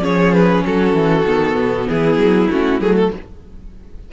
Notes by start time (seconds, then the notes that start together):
0.00 F3 C#4 G#4 C#5
0.33 B4
0.65 F#3 F#4 A4
0.93 E3
1.25 D#3 B3
1.55 B2
1.88 E3 E4 G#4
2.17 F#3
2.50 A3 C#4 F#4
2.79 F#3 A3 G#4
2.96 A4